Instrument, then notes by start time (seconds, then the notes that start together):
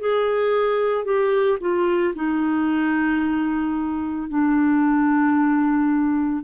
clarinet
0.00 G#4
1.05 G4
1.61 F4
2.15 D#4
4.30 D4